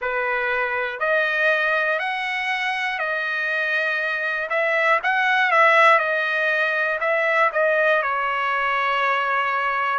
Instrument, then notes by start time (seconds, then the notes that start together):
trumpet
0.01 B4
0.99 D#5
1.99 F#5
2.98 D#5
4.49 E5
5.03 F#5
5.51 E5
5.98 D#5
7.00 E5
7.52 D#5
8.02 C#5